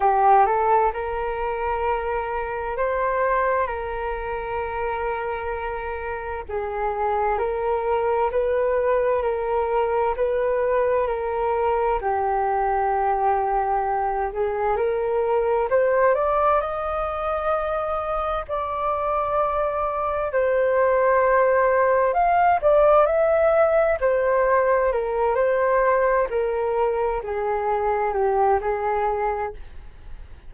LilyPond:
\new Staff \with { instrumentName = "flute" } { \time 4/4 \tempo 4 = 65 g'8 a'8 ais'2 c''4 | ais'2. gis'4 | ais'4 b'4 ais'4 b'4 | ais'4 g'2~ g'8 gis'8 |
ais'4 c''8 d''8 dis''2 | d''2 c''2 | f''8 d''8 e''4 c''4 ais'8 c''8~ | c''8 ais'4 gis'4 g'8 gis'4 | }